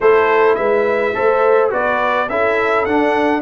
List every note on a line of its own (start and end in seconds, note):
0.00 0.57 A3
0.00 1.14 E4
0.00 0.57 A4
0.00 0.55 C5
0.55 1.15 G#3
0.55 1.14 B4
0.55 1.69 E5
1.14 1.72 A3
1.14 1.70 A4
1.14 1.71 C5
1.70 2.29 B3
1.70 2.27 F#4
1.70 2.28 B4
1.70 2.29 D5
2.29 2.86 C#4
2.29 2.87 E4
2.29 3.41 A4
2.29 2.85 E5
2.85 3.41 D4
2.85 3.41 F#5